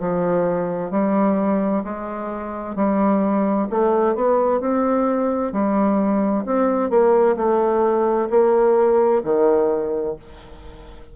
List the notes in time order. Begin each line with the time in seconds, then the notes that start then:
0.00 F3
0.91 G3
1.84 G#3
2.76 G3
3.70 A3
4.16 B3
4.61 C4
5.53 G3
6.46 C4
6.90 A#3
7.37 A3
8.30 A#3
9.24 D#3